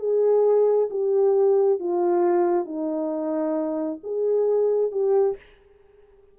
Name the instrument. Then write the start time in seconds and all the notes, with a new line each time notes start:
horn
0.00 G#4
0.90 G4
1.80 F4
2.65 D#4
4.04 G#4
4.92 G4